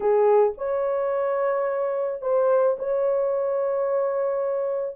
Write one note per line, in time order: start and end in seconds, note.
0.00 0.53 G#4
0.57 2.21 C#5
2.21 2.76 C5
2.78 4.96 C#5